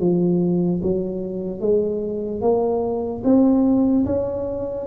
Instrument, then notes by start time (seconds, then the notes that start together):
tuba
0.00 F3
0.83 F#3
1.61 G#3
2.42 A#3
3.24 C4
4.06 C#4